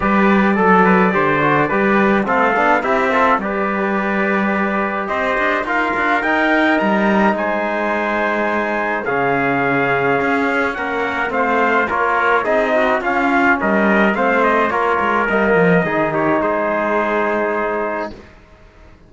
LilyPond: <<
  \new Staff \with { instrumentName = "trumpet" } { \time 4/4 \tempo 4 = 106 d''1 | f''4 e''4 d''2~ | d''4 dis''4 f''4 g''4 | ais''4 gis''2. |
f''2. fis''4 | f''4 cis''4 dis''4 f''4 | dis''4 f''8 dis''8 cis''4 dis''4~ | dis''8 cis''8 c''2. | }
  \new Staff \with { instrumentName = "trumpet" } { \time 4/4 b'4 a'8 b'8 c''4 b'4 | a'4 g'8 a'8 b'2~ | b'4 c''4 ais'2~ | ais'4 c''2. |
gis'2. ais'4 | c''4 ais'4 gis'8 fis'8 f'4 | ais'4 c''4 ais'2 | gis'8 g'8 gis'2. | }
  \new Staff \with { instrumentName = "trombone" } { \time 4/4 g'4 a'4 g'8 fis'8 g'4 | c'8 d'8 e'8 f'8 g'2~ | g'2 f'4 dis'4~ | dis'1 |
cis'1 | c'4 f'4 dis'4 cis'4~ | cis'4 c'4 f'4 ais4 | dis'1 | }
  \new Staff \with { instrumentName = "cello" } { \time 4/4 g4 fis4 d4 g4 | a8 b8 c'4 g2~ | g4 c'8 d'8 dis'8 d'8 dis'4 | g4 gis2. |
cis2 cis'4 ais4 | a4 ais4 c'4 cis'4 | g4 a4 ais8 gis8 g8 f8 | dis4 gis2. | }
>>